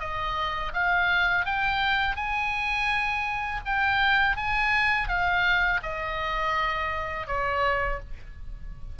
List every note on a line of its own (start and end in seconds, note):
0.00 0.72 D#5
0.74 1.46 F5
1.46 2.16 G5
2.16 3.61 G#5
3.65 4.37 G5
4.37 5.09 G#5
5.09 5.81 F5
5.83 7.27 D#5
7.27 7.99 C#5